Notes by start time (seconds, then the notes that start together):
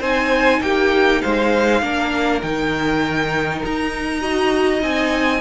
0.00 C4 D#4 C5 G#5
0.61 A#3 G4 G5
1.21 G#3 C5 F5
1.81 A#3 D4 A#4
2.42 D#3 D#4 G5
3.64 D#4 A#5
4.21 F#4 D#5
4.80 C4 D#4 G#5